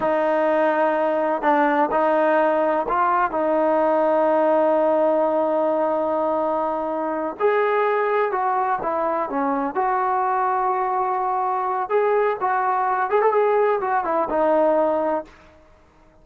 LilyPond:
\new Staff \with { instrumentName = "trombone" } { \time 4/4 \tempo 4 = 126 dis'2. d'4 | dis'2 f'4 dis'4~ | dis'1~ | dis'2.~ dis'8 gis'8~ |
gis'4. fis'4 e'4 cis'8~ | cis'8 fis'2.~ fis'8~ | fis'4 gis'4 fis'4. gis'16 a'16 | gis'4 fis'8 e'8 dis'2 | }